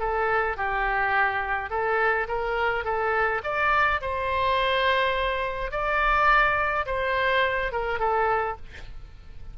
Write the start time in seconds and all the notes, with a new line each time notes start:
0.00 A4
0.57 G4
1.70 A4
2.28 A#4
2.85 A4
3.44 D5
4.01 C5
5.71 D5
6.86 C5
7.72 A#4
7.99 A4